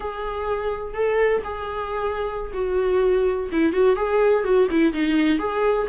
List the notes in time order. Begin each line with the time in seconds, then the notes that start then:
0.00 G#4
0.93 A4
1.44 G#4
2.53 F#4
3.51 E4
3.72 F#4
3.96 G#4
4.44 F#4
4.70 E4
4.93 D#4
5.39 G#4